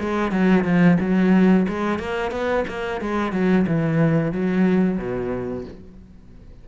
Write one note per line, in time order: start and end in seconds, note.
0.00 0.32 G#3
0.32 0.64 F#3
0.64 0.98 F3
1.00 1.67 F#3
1.69 1.99 G#3
1.99 2.32 A#3
2.32 2.65 B3
2.68 3.01 A#3
3.01 3.32 G#3
3.32 3.66 F#3
3.67 4.32 E3
4.32 4.98 F#3
4.98 5.65 B2